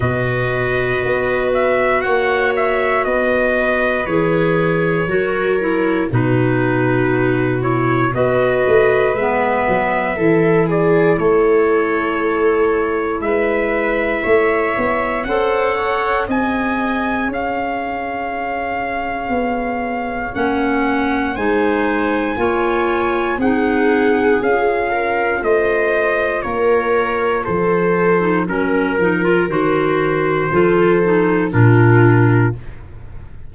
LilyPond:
<<
  \new Staff \with { instrumentName = "trumpet" } { \time 4/4 \tempo 4 = 59 dis''4. e''8 fis''8 e''8 dis''4 | cis''2 b'4. cis''8 | dis''4 e''4. d''8 cis''4~ | cis''4 e''2 fis''4 |
gis''4 f''2. | fis''4 gis''2 fis''4 | f''4 dis''4 cis''4 c''4 | ais'4 c''2 ais'4 | }
  \new Staff \with { instrumentName = "viola" } { \time 4/4 b'2 cis''4 b'4~ | b'4 ais'4 fis'2 | b'2 a'8 gis'8 a'4~ | a'4 b'4 cis''4 c''8 cis''8 |
dis''4 cis''2.~ | cis''4 c''4 cis''4 gis'4~ | gis'8 ais'8 c''4 ais'4 a'4 | ais'2 a'4 f'4 | }
  \new Staff \with { instrumentName = "clarinet" } { \time 4/4 fis'1 | gis'4 fis'8 e'8 dis'4. e'8 | fis'4 b4 e'2~ | e'2. a'4 |
gis'1 | cis'4 dis'4 f'4 dis'4 | f'2.~ f'8. dis'16 | cis'8 dis'16 f'16 fis'4 f'8 dis'8 d'4 | }
  \new Staff \with { instrumentName = "tuba" } { \time 4/4 b,4 b4 ais4 b4 | e4 fis4 b,2 | b8 a8 gis8 fis8 e4 a4~ | a4 gis4 a8 b8 cis'4 |
c'4 cis'2 b4 | ais4 gis4 ais4 c'4 | cis'4 a4 ais4 f4 | fis8 f8 dis4 f4 ais,4 | }
>>